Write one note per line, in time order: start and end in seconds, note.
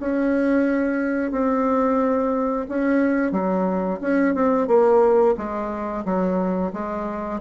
0.00 1.31 C#4
1.31 2.66 C4
2.69 3.32 C#4
3.32 4.00 F#3
4.01 4.35 C#4
4.35 4.68 C4
4.68 5.35 A#3
5.37 6.05 G#3
6.05 6.73 F#3
6.73 7.41 G#3